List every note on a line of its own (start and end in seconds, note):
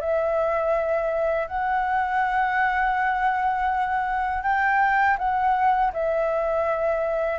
0.00 1.47 E5
1.47 4.43 F#5
4.43 5.17 G5
5.18 5.92 F#5
5.93 7.39 E5